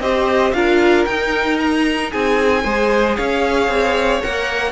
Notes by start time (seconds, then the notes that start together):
0.00 C4 G4 C5 D#5
0.53 D4 F4 A#4 F5
1.05 D#4 G5
1.60 A#5
2.12 C4 G#4 G#5
2.64 G#3 G#4 C5
3.17 C#4 C#5 F5
3.69 C4
4.23 A#3 A#4 F#5